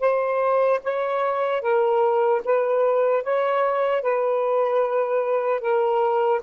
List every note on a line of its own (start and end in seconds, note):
0.00 0.80 C5
0.83 1.61 C#5
1.61 2.41 A#4
2.44 3.23 B4
3.23 4.02 C#5
4.02 5.60 B4
5.60 6.40 A#4